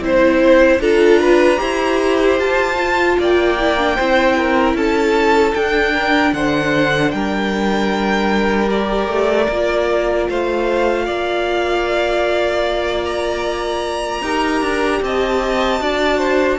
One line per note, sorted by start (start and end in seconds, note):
0.00 0.79 C4
0.00 0.80 E4
0.00 0.81 C5
0.00 0.80 C5
0.79 1.58 D4
0.79 1.57 F4
0.79 1.19 A4
0.79 2.39 A#5
1.19 1.59 B4
1.57 2.38 E4
1.57 2.75 G4
1.57 3.17 C5
2.38 3.17 F4
2.38 3.18 A5
2.79 3.58 F4
3.18 3.97 A#3
3.18 3.95 D5
3.18 4.76 G5
3.58 3.77 E4
3.77 3.97 D4
3.95 4.74 C4
3.95 5.56 E4
3.95 4.35 C5
4.37 4.76 A#4
4.74 5.52 C#4
4.74 5.93 A4
4.74 5.54 A5
5.54 6.33 D4
5.54 8.67 D4
5.54 6.33 G5
5.93 6.33 A#4
6.33 7.12 D3
6.33 7.14 C5
6.33 7.10 F#5
7.10 9.08 G3
7.10 10.29 A#4
7.10 8.68 G5
8.67 9.46 G4
8.67 10.27 D5
9.08 9.47 A3
9.49 10.27 A#3
9.49 14.22 F4
10.29 11.08 A3
10.29 11.05 C5
10.29 13.05 F5
11.05 14.21 A#3
11.05 14.21 D5
13.05 15.02 A#5
14.21 14.61 D#4
14.21 15.80 G4
14.21 15.00 A#4
14.61 15.00 D4
15.02 15.80 C4
15.02 15.82 D#5
15.02 16.59 A5
15.80 16.59 D4
15.80 16.59 F#4
15.80 16.18 D5
16.18 16.57 C5